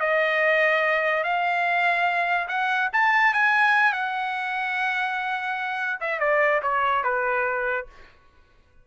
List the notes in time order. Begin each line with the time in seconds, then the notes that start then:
0.00 D#5
1.23 F5
2.48 F#5
2.93 A5
3.33 G#5
3.93 F#5
6.00 E5
6.20 D5
6.62 C#5
7.03 B4